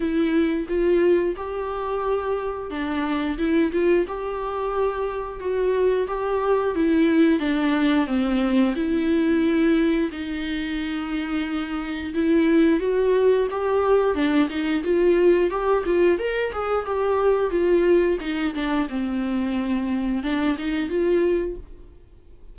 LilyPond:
\new Staff \with { instrumentName = "viola" } { \time 4/4 \tempo 4 = 89 e'4 f'4 g'2 | d'4 e'8 f'8 g'2 | fis'4 g'4 e'4 d'4 | c'4 e'2 dis'4~ |
dis'2 e'4 fis'4 | g'4 d'8 dis'8 f'4 g'8 f'8 | ais'8 gis'8 g'4 f'4 dis'8 d'8 | c'2 d'8 dis'8 f'4 | }